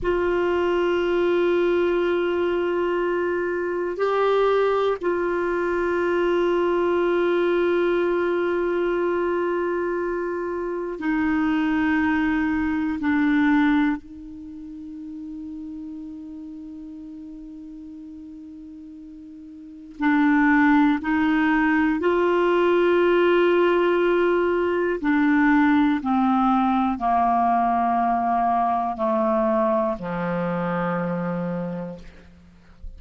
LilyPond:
\new Staff \with { instrumentName = "clarinet" } { \time 4/4 \tempo 4 = 60 f'1 | g'4 f'2.~ | f'2. dis'4~ | dis'4 d'4 dis'2~ |
dis'1 | d'4 dis'4 f'2~ | f'4 d'4 c'4 ais4~ | ais4 a4 f2 | }